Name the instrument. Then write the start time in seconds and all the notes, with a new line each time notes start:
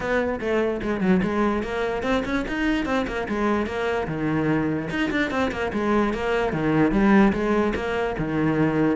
cello
0.00 B3
0.40 A3
0.82 G#3
1.00 F#3
1.22 G#3
1.63 A#3
2.02 C4
2.25 C#4
2.48 D#4
2.85 C4
3.07 A#3
3.28 G#3
3.66 A#3
4.07 D#3
4.90 D#4
5.10 D4
5.30 C4
5.51 A#3
5.73 G#3
6.13 A#3
6.52 D#3
6.91 G3
7.32 G#3
7.75 A#3
8.18 D#3